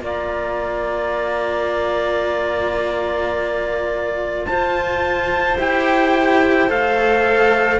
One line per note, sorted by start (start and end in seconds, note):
0.00 4.46 A#3
0.00 5.56 F4
0.00 4.48 D5
0.00 4.46 A#5
4.46 5.59 F4
4.46 7.80 C5
4.46 5.57 A5
5.58 6.69 E4
5.58 6.68 G4
5.58 6.71 G5
6.68 7.80 A3
6.68 7.79 A4
6.68 7.80 F5